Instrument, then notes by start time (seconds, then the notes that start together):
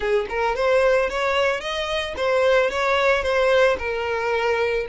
violin
0.00 G#4
0.29 A#4
0.55 C5
1.09 C#5
1.60 D#5
2.16 C5
2.70 C#5
3.22 C5
3.78 A#4